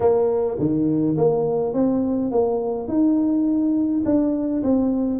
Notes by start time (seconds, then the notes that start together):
0.00 A#3
0.59 D#3
1.17 A#3
1.73 C4
2.31 A#3
2.88 D#4
4.05 D4
4.63 C4